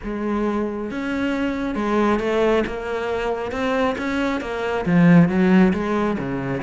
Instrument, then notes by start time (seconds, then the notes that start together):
cello
0.03 G#3
0.90 C#4
1.75 G#3
2.19 A3
2.67 A#3
3.51 C4
3.97 C#4
4.41 A#3
4.85 F3
5.28 F#3
5.73 G#3
6.18 C#3